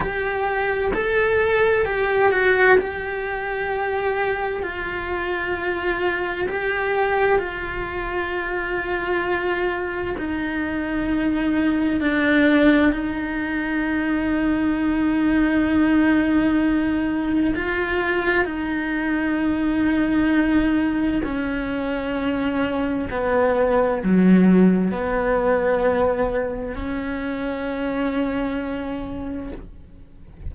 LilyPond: \new Staff \with { instrumentName = "cello" } { \time 4/4 \tempo 4 = 65 g'4 a'4 g'8 fis'8 g'4~ | g'4 f'2 g'4 | f'2. dis'4~ | dis'4 d'4 dis'2~ |
dis'2. f'4 | dis'2. cis'4~ | cis'4 b4 fis4 b4~ | b4 cis'2. | }